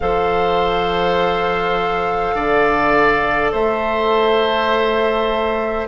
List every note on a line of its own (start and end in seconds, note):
0.00 2.34 F3
0.00 5.87 A4
0.00 2.35 C5
0.00 3.51 F5
2.34 3.51 D3
2.34 3.52 D5
3.52 5.87 A3
3.52 5.87 C5
3.52 5.87 E5